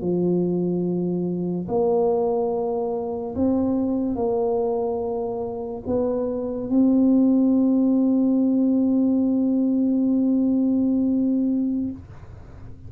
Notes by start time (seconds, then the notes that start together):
0.00 F3
1.68 A#3
3.35 C4
4.15 A#3
5.86 B3
6.70 C4